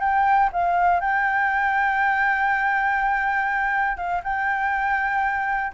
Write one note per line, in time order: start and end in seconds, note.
0.00 0.50 G5
0.53 1.00 F5
1.00 3.97 G5
3.97 4.22 F5
4.23 5.72 G5